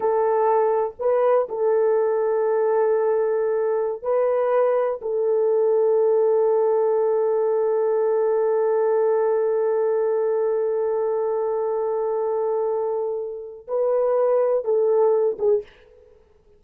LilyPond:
\new Staff \with { instrumentName = "horn" } { \time 4/4 \tempo 4 = 123 a'2 b'4 a'4~ | a'1~ | a'16 b'2 a'4.~ a'16~ | a'1~ |
a'1~ | a'1~ | a'1 | b'2 a'4. gis'8 | }